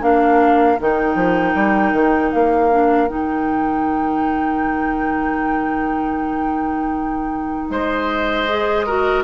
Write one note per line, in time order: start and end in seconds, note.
0.00 0.78 A#3
0.00 0.77 D4
0.00 7.69 A#4
0.00 0.79 F5
0.80 1.15 D#3
0.80 2.71 D#4
0.80 2.32 G5
1.15 1.53 F3
1.54 1.92 G3
1.92 2.31 D#3
2.32 3.10 A#3
2.32 3.08 F5
2.71 3.07 D4
3.07 7.70 D#3
3.07 8.46 D#4
3.07 7.70 G5
7.70 9.24 G#3
7.70 8.86 C5
7.70 9.24 D#5
8.48 8.87 G#4
8.86 9.24 F#4
8.86 9.24 A#4